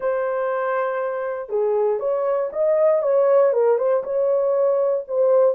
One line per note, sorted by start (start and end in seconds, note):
0.00 1.49 C5
1.49 1.99 G#4
1.99 2.50 C#5
2.52 3.02 D#5
3.02 3.52 C#5
3.52 3.77 A#4
3.77 4.03 C5
4.03 5.04 C#5
5.07 5.55 C5